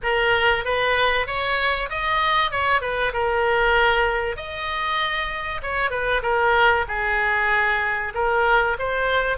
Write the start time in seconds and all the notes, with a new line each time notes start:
0.03 A#4
0.64 B4
1.26 C#5
1.89 D#5
2.51 C#5
2.81 B4
3.13 A#4
4.36 D#5
5.62 C#5
5.90 B4
6.22 A#4
6.88 G#4
8.14 A#4
8.78 C5